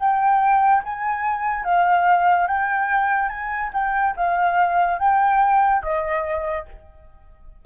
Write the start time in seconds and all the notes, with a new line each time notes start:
0.00 G5
0.84 G#5
1.64 F5
2.48 G5
3.30 G#5
3.74 G5
4.17 F5
4.99 G5
5.83 D#5